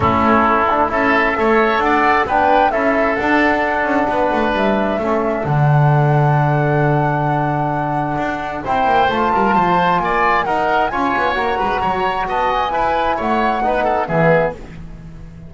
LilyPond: <<
  \new Staff \with { instrumentName = "flute" } { \time 4/4 \tempo 4 = 132 a'2 e''2 | fis''4 g''4 e''4 fis''4~ | fis''2 e''2 | fis''1~ |
fis''2. g''4 | a''2 gis''4 fis''4 | gis''4 ais''2 a''8 gis''8~ | gis''4 fis''2 e''4 | }
  \new Staff \with { instrumentName = "oboe" } { \time 4/4 e'2 a'4 cis''4 | d''4 b'4 a'2~ | a'4 b'2 a'4~ | a'1~ |
a'2. c''4~ | c''8 ais'8 c''4 d''4 ais'4 | cis''4. b'8 cis''4 dis''4 | b'4 cis''4 b'8 a'8 gis'4 | }
  \new Staff \with { instrumentName = "trombone" } { \time 4/4 cis'4. d'8 e'4 a'4~ | a'4 d'4 e'4 d'4~ | d'2. cis'4 | d'1~ |
d'2. e'4 | f'2. dis'4 | f'4 fis'2. | e'2 dis'4 b4 | }
  \new Staff \with { instrumentName = "double bass" } { \time 4/4 a2 cis'4 a4 | d'4 b4 cis'4 d'4~ | d'8 cis'8 b8 a8 g4 a4 | d1~ |
d2 d'4 c'8 ais8 | a8 g8 f4 ais4 dis'4 | cis'8 b8 ais8 gis8 fis4 b4 | e'4 a4 b4 e4 | }
>>